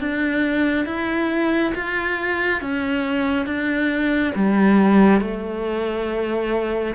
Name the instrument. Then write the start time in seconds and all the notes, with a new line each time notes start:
cello
0.00 D4
0.86 E4
1.75 F4
2.61 C#4
3.46 D4
4.35 G3
5.21 A3